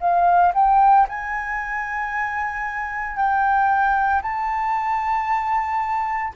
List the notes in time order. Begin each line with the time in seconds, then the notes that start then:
0.00 F5
0.54 G5
1.08 G#5
3.16 G5
4.22 A5